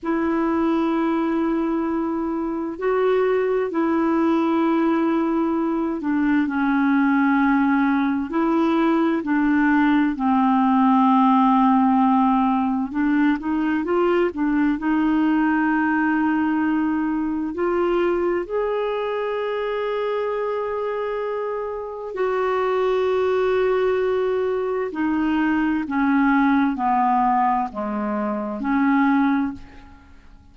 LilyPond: \new Staff \with { instrumentName = "clarinet" } { \time 4/4 \tempo 4 = 65 e'2. fis'4 | e'2~ e'8 d'8 cis'4~ | cis'4 e'4 d'4 c'4~ | c'2 d'8 dis'8 f'8 d'8 |
dis'2. f'4 | gis'1 | fis'2. dis'4 | cis'4 b4 gis4 cis'4 | }